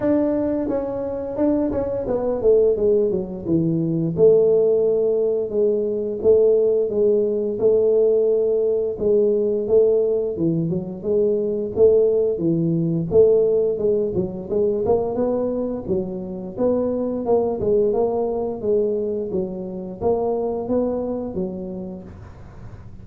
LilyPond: \new Staff \with { instrumentName = "tuba" } { \time 4/4 \tempo 4 = 87 d'4 cis'4 d'8 cis'8 b8 a8 | gis8 fis8 e4 a2 | gis4 a4 gis4 a4~ | a4 gis4 a4 e8 fis8 |
gis4 a4 e4 a4 | gis8 fis8 gis8 ais8 b4 fis4 | b4 ais8 gis8 ais4 gis4 | fis4 ais4 b4 fis4 | }